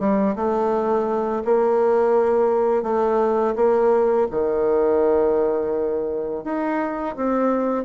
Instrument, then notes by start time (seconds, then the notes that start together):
bassoon
0.00 G3
0.36 A3
1.45 A#3
2.83 A3
3.56 A#3
4.31 D#3
6.44 D#4
7.16 C4